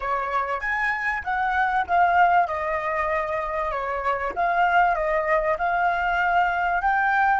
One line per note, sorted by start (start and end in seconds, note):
0.00 0.60 C#5
0.60 1.22 G#5
1.23 1.85 F#5
1.87 2.47 F5
2.47 3.71 D#5
3.71 4.33 C#5
4.35 4.95 F5
4.95 5.57 D#5
5.58 6.81 F5
6.81 7.40 G5